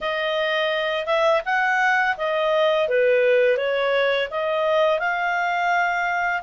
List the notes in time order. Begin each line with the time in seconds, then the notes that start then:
0.00 D#5
1.06 E5
1.44 F#5
2.17 D#5
2.88 B4
3.57 C#5
4.30 D#5
4.99 F5